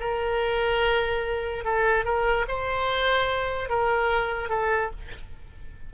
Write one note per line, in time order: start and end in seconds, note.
0.00 1.64 A#4
1.64 2.05 A4
2.05 2.46 A#4
2.48 3.69 C5
3.69 4.49 A#4
4.49 4.90 A4